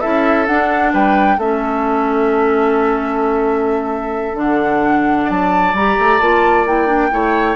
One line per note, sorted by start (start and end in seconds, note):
0.00 0.48 C#4
0.00 0.47 E4
0.00 0.92 A4
0.00 0.46 E5
0.46 1.39 D4
0.46 0.93 D4
0.46 0.92 F#5
0.93 1.37 G3
0.93 1.38 B4
0.93 1.39 G5
1.37 4.34 A3
1.37 4.34 C#4
1.37 5.24 A4
1.37 4.37 E5
4.34 5.26 D3
4.34 5.72 D4
4.34 5.29 F#5
5.24 5.73 F#3
5.24 7.08 D5
5.24 5.75 A5
5.73 5.96 G3
5.73 6.21 G4
5.73 6.20 A#5
5.99 6.20 A3
6.20 7.12 A#3
6.20 6.66 F4
6.20 6.66 A5
6.66 6.86 E4
6.66 7.56 G5
6.86 7.09 D4
7.11 7.56 A3
7.11 7.56 E4
7.11 7.56 C#5